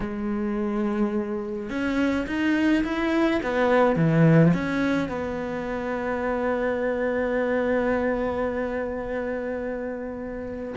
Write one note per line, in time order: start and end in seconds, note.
0.00 1.69 G#3
1.69 2.26 C#4
2.26 2.83 D#4
2.84 3.40 E4
3.42 3.96 B3
3.96 4.52 E3
4.53 5.08 C#4
5.08 10.74 B3